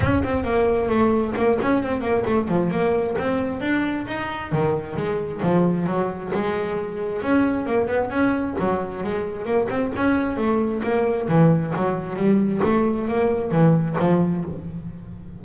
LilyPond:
\new Staff \with { instrumentName = "double bass" } { \time 4/4 \tempo 4 = 133 cis'8 c'8 ais4 a4 ais8 cis'8 | c'8 ais8 a8 f8 ais4 c'4 | d'4 dis'4 dis4 gis4 | f4 fis4 gis2 |
cis'4 ais8 b8 cis'4 fis4 | gis4 ais8 c'8 cis'4 a4 | ais4 e4 fis4 g4 | a4 ais4 e4 f4 | }